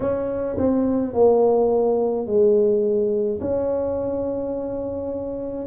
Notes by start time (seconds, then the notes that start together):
0.00 C#4
0.57 C4
1.13 A#3
2.26 G#3
3.40 C#4